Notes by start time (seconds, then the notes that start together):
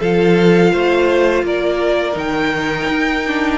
0.00 F3 F4 A4 F5
0.72 A3 C5
1.43 A#3 A#4 D5
2.12 D#3 D#4 G5
2.88 D#4
3.27 D4